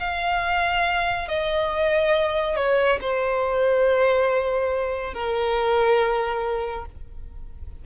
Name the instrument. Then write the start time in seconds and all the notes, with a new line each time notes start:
violin
0.00 F5
1.29 D#5
2.56 C#5
3.01 C5
5.14 A#4